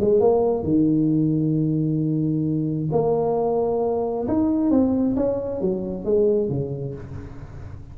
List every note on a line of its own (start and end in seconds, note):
0.00 0.20 G#3
0.20 0.63 A#3
0.63 2.89 D#3
2.92 4.27 A#3
4.28 4.70 D#4
4.70 5.15 C4
5.16 5.61 C#4
5.61 6.04 F#3
6.04 6.49 G#3
6.49 6.94 C#3